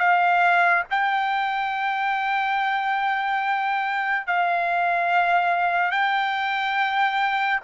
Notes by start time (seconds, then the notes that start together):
0.00 F5
0.91 G5
4.27 F5
5.92 G5